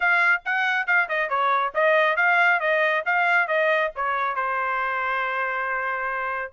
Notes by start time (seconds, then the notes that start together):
0.00 F5
0.45 F#5
0.86 F5
1.08 D#5
1.29 C#5
1.74 D#5
2.16 F5
2.60 D#5
3.05 F5
3.47 D#5
3.95 C#5
4.35 C5